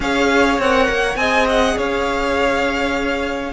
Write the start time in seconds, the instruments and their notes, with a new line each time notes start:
0.00 cello C#4, viola G#4, violin C#5 F5
0.58 cello C4, viola A#4, violin F#5
0.88 cello A#3
1.15 cello C4, viola G#4, violin D#5 G#5
1.48 violin F#5
1.76 cello C#4, violin C#5 F5